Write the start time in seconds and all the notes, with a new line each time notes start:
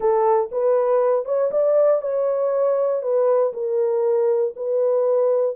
0.00 A4
0.51 B4
1.25 C#5
1.51 D5
2.01 C#5
3.02 B4
3.53 A#4
4.55 B4